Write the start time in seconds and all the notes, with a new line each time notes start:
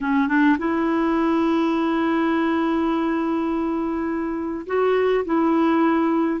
0.00 C#4
0.28 D4
0.58 E4
4.66 F#4
5.25 E4